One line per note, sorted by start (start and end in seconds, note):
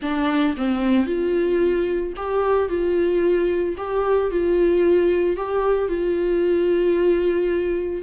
0.02 0.55 D4
0.56 1.06 C4
1.06 2.13 F4
2.16 2.68 G4
2.68 3.75 F4
3.77 4.30 G4
4.30 5.36 F4
5.36 5.88 G4
5.88 8.02 F4